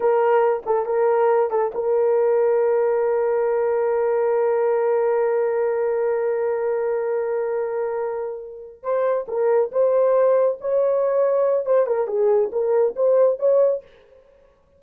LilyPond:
\new Staff \with { instrumentName = "horn" } { \time 4/4 \tempo 4 = 139 ais'4. a'8 ais'4. a'8 | ais'1~ | ais'1~ | ais'1~ |
ais'1~ | ais'8 c''4 ais'4 c''4.~ | c''8 cis''2~ cis''8 c''8 ais'8 | gis'4 ais'4 c''4 cis''4 | }